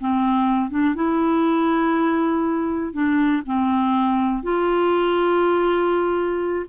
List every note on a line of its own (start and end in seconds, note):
0.00 0.70 C4
0.70 0.95 D4
0.95 2.93 E4
2.93 3.42 D4
3.46 4.43 C4
4.43 6.66 F4